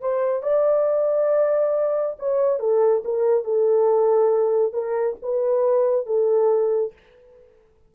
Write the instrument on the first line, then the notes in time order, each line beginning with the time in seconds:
horn
0.00 C5
0.42 D5
2.19 C#5
2.59 A4
3.04 A#4
3.44 A4
4.73 A#4
5.22 B4
6.06 A4